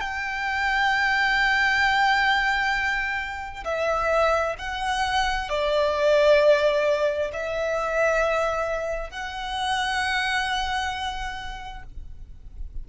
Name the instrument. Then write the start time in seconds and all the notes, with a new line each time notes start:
violin
0.00 G5
3.64 E5
4.58 F#5
5.49 D5
7.33 E5
9.10 F#5